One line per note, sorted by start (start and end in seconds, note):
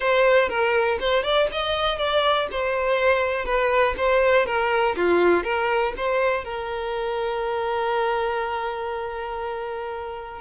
0.00 0.48 C5
0.48 0.98 A#4
0.99 1.23 C5
1.23 1.47 D5
1.51 1.97 D#5
1.97 2.47 D5
2.51 3.45 C5
3.45 3.94 B4
3.97 4.46 C5
4.46 4.95 A#4
4.96 5.43 F4
5.43 5.93 A#4
5.96 6.44 C5
6.44 10.41 A#4